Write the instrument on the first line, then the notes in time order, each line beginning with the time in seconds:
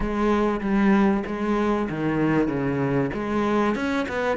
cello
0.00 G#3
0.61 G3
1.26 G#3
1.89 D#3
2.48 C#3
3.13 G#3
3.75 C#4
4.08 B3